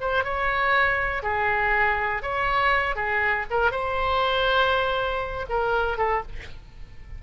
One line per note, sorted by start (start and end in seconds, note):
0.00 0.24 C5
0.24 1.22 C#5
1.22 2.22 G#4
2.22 2.95 C#5
2.95 3.45 G#4
3.50 3.71 A#4
3.71 5.46 C5
5.49 5.97 A#4
5.97 6.22 A4